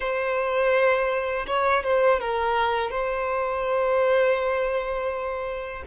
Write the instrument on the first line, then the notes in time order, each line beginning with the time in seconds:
violin
0.00 C5
1.46 C#5
1.83 C5
2.20 A#4
2.90 C5